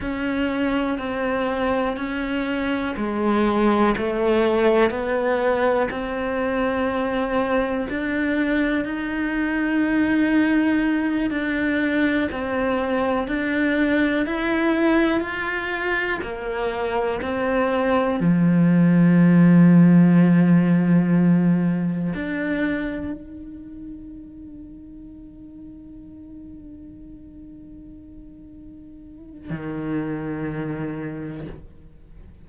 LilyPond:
\new Staff \with { instrumentName = "cello" } { \time 4/4 \tempo 4 = 61 cis'4 c'4 cis'4 gis4 | a4 b4 c'2 | d'4 dis'2~ dis'8 d'8~ | d'8 c'4 d'4 e'4 f'8~ |
f'8 ais4 c'4 f4.~ | f2~ f8 d'4 dis'8~ | dis'1~ | dis'2 dis2 | }